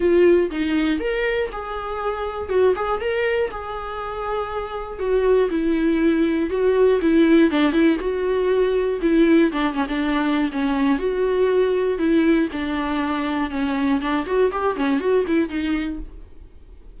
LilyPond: \new Staff \with { instrumentName = "viola" } { \time 4/4 \tempo 4 = 120 f'4 dis'4 ais'4 gis'4~ | gis'4 fis'8 gis'8 ais'4 gis'4~ | gis'2 fis'4 e'4~ | e'4 fis'4 e'4 d'8 e'8 |
fis'2 e'4 d'8 cis'16 d'16~ | d'4 cis'4 fis'2 | e'4 d'2 cis'4 | d'8 fis'8 g'8 cis'8 fis'8 e'8 dis'4 | }